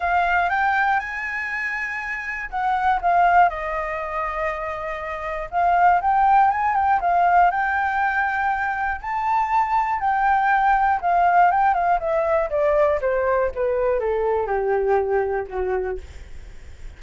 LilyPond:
\new Staff \with { instrumentName = "flute" } { \time 4/4 \tempo 4 = 120 f''4 g''4 gis''2~ | gis''4 fis''4 f''4 dis''4~ | dis''2. f''4 | g''4 gis''8 g''8 f''4 g''4~ |
g''2 a''2 | g''2 f''4 g''8 f''8 | e''4 d''4 c''4 b'4 | a'4 g'2 fis'4 | }